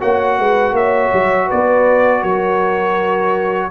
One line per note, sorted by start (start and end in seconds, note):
0.00 0.39 A#3
0.00 3.70 F#4
0.00 0.37 C#5
0.00 0.75 F#5
0.38 0.72 G#3
0.38 0.75 B4
0.72 1.09 A#3
0.72 1.46 C#5
0.72 1.50 E5
1.13 1.50 F#3
1.46 2.20 B4
1.46 2.23 D5
1.52 2.23 B3
2.20 3.71 F#3
2.20 3.69 A#4
2.20 3.71 C#5